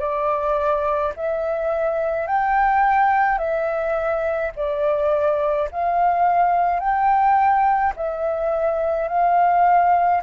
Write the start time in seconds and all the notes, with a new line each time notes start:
0.00 D5
1.17 E5
2.27 G5
3.39 E5
4.56 D5
5.72 F5
6.80 G5
7.97 E5
9.09 F5